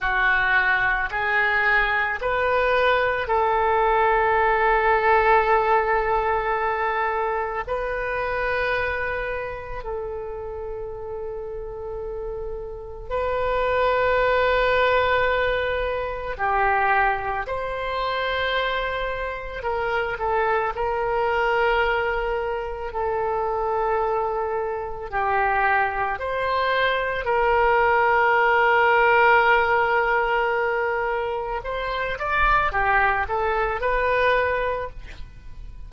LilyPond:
\new Staff \with { instrumentName = "oboe" } { \time 4/4 \tempo 4 = 55 fis'4 gis'4 b'4 a'4~ | a'2. b'4~ | b'4 a'2. | b'2. g'4 |
c''2 ais'8 a'8 ais'4~ | ais'4 a'2 g'4 | c''4 ais'2.~ | ais'4 c''8 d''8 g'8 a'8 b'4 | }